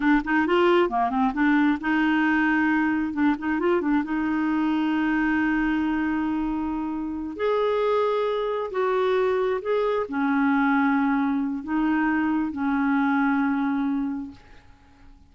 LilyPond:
\new Staff \with { instrumentName = "clarinet" } { \time 4/4 \tempo 4 = 134 d'8 dis'8 f'4 ais8 c'8 d'4 | dis'2. d'8 dis'8 | f'8 d'8 dis'2.~ | dis'1~ |
dis'8 gis'2. fis'8~ | fis'4. gis'4 cis'4.~ | cis'2 dis'2 | cis'1 | }